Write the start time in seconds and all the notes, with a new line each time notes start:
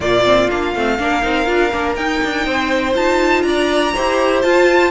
0.00 A#2 A#3 F4 D5
0.24 C4
0.50 A#3 D4 F5
0.75 A3 C4
0.98 A#3 D4 A#4
1.21 C4 D#4
1.45 D4 F4
1.72 A#3 D4
1.95 D#4 G5
2.23 D4
2.46 C4 C5
2.93 D#4 F4 A5
3.42 D4 D5 A#5
3.94 E4 G4 C5
4.42 F4 A5